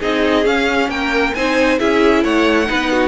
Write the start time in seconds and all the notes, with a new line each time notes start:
0.00 C4 D#4 G#4 D#5
0.44 C#4 F5
0.89 A#3 A#4 G5
1.35 C4 D#4 C5 G#5
1.79 C#4 E4 G#4 E5
2.24 A3 C#5 F#5
2.66 B3 D#4 B4
2.92 F#4